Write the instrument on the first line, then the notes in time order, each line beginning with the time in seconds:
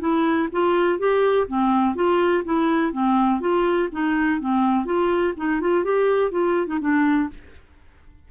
clarinet
0.00 E4
0.52 F4
0.99 G4
1.48 C4
1.95 F4
2.44 E4
2.92 C4
3.40 F4
3.92 D#4
4.40 C4
4.85 F4
5.36 D#4
5.61 F4
5.84 G4
6.31 F4
6.67 D#4
6.81 D4